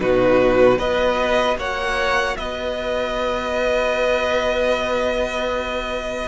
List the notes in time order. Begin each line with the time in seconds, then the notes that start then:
0.00 B2 D#4 F#4 B4
0.78 B3 F#4 B4 D#5
1.57 A#3 C#5 F#5
2.37 B3 B4 D#5